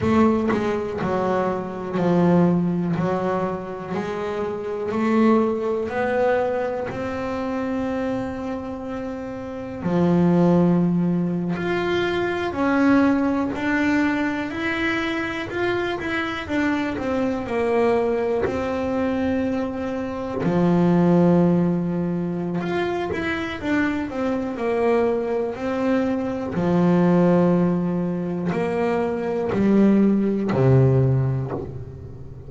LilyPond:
\new Staff \with { instrumentName = "double bass" } { \time 4/4 \tempo 4 = 61 a8 gis8 fis4 f4 fis4 | gis4 a4 b4 c'4~ | c'2 f4.~ f16 f'16~ | f'8. cis'4 d'4 e'4 f'16~ |
f'16 e'8 d'8 c'8 ais4 c'4~ c'16~ | c'8. f2~ f16 f'8 e'8 | d'8 c'8 ais4 c'4 f4~ | f4 ais4 g4 c4 | }